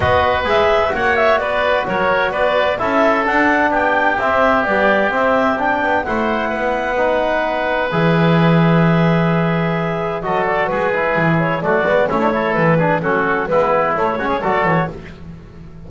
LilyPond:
<<
  \new Staff \with { instrumentName = "clarinet" } { \time 4/4 \tempo 4 = 129 dis''4 e''4 fis''8 e''8 d''4 | cis''4 d''4 e''4 fis''4 | g''4 e''4 d''4 e''4 | g''4 fis''2.~ |
fis''4 e''2.~ | e''2 dis''8 d''8 b'4~ | b'8 cis''8 d''4 cis''4 b'4 | a'4 b'4 cis''4 d''8 cis''8 | }
  \new Staff \with { instrumentName = "oboe" } { \time 4/4 b'2 cis''4 b'4 | ais'4 b'4 a'2 | g'1~ | g'4 c''4 b'2~ |
b'1~ | b'2 a'4 gis'4~ | gis'4 fis'4 e'8 a'4 gis'8 | fis'4 e'4. fis'16 gis'16 a'4 | }
  \new Staff \with { instrumentName = "trombone" } { \time 4/4 fis'4 gis'4 fis'2~ | fis'2 e'4 d'4~ | d'4 c'4 g4 c'4 | d'4 e'2 dis'4~ |
dis'4 gis'2.~ | gis'2 fis'4. e'8~ | e'4 a8 b8 cis'16 d'16 e'4 d'8 | cis'4 b4 a8 cis'8 fis'4 | }
  \new Staff \with { instrumentName = "double bass" } { \time 4/4 b4 gis4 ais4 b4 | fis4 b4 cis'4 d'4 | b4 c'4 b4 c'4~ | c'8 b8 a4 b2~ |
b4 e2.~ | e2 fis4 gis4 | e4 fis8 gis8 a4 e4 | fis4 gis4 a8 gis8 fis8 e8 | }
>>